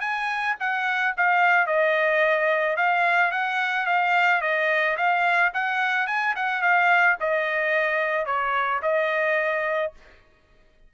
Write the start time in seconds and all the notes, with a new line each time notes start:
0.00 G#5
0.60 F#5
1.17 F5
1.66 D#5
2.76 F5
3.31 F#5
3.86 F5
4.41 D#5
4.97 F5
5.54 F#5
6.07 G#5
6.36 F#5
6.61 F5
7.20 D#5
8.25 C#5
8.82 D#5